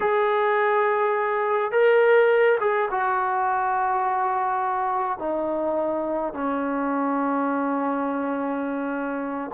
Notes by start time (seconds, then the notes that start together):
0.00 G#4
1.71 A#4
2.60 G#4
2.91 F#4
5.18 D#4
6.33 C#4